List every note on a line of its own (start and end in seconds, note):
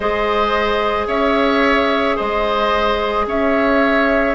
0.00 1.07 G#3
0.00 4.35 G#4
0.00 1.07 C5
0.00 1.05 D#5
1.07 2.16 C#4
1.07 2.16 C#5
1.07 2.17 E5
2.16 3.26 G#3
2.16 3.25 C5
2.16 3.26 D#5
3.26 4.35 C#4
3.26 4.35 C#5
3.26 4.35 E5